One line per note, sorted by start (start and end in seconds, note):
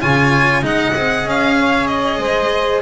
0.00 0.63 C#3
0.00 0.62 F4
0.00 0.62 C#5
0.00 0.64 G#5
0.62 0.94 G#3
0.62 0.94 D#4
0.62 1.57 D#5
0.62 1.29 F#5
0.96 1.25 C4
0.96 2.82 G#4
1.25 2.19 C#4
1.25 1.87 F5
1.59 2.20 C#5
1.87 2.81 D#5
2.19 2.81 G#3
2.19 2.82 C5